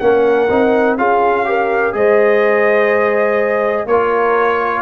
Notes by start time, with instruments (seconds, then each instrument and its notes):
0.00 tuba A#3, trombone C#4, horn A#4, trumpet F#5
0.49 tuba C4, trombone D#4
0.98 tuba C#4, trombone F4, horn G#4, trumpet F5
1.45 trombone G4, horn A#4
1.93 tuba G#3, trombone G#4, horn C5, trumpet D#5
3.86 tuba A#3, trombone F4, horn A#4, trumpet C#5